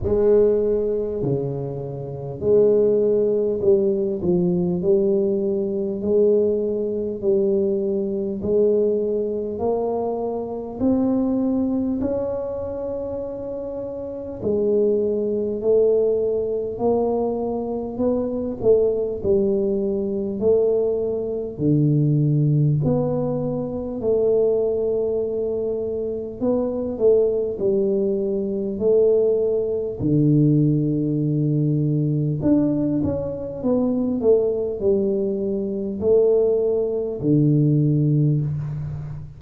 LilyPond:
\new Staff \with { instrumentName = "tuba" } { \time 4/4 \tempo 4 = 50 gis4 cis4 gis4 g8 f8 | g4 gis4 g4 gis4 | ais4 c'4 cis'2 | gis4 a4 ais4 b8 a8 |
g4 a4 d4 b4 | a2 b8 a8 g4 | a4 d2 d'8 cis'8 | b8 a8 g4 a4 d4 | }